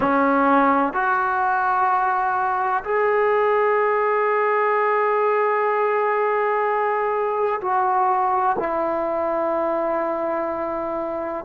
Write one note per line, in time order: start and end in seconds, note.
0.00 0.93 C#4
0.93 2.83 F#4
2.84 7.60 G#4
7.61 8.56 F#4
8.58 11.44 E4